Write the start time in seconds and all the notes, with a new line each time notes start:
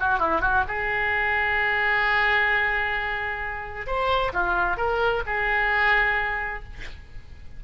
0.00 F#4
0.19 E4
0.41 F#4
0.68 G#4
3.86 C5
4.33 F4
4.77 A#4
5.26 G#4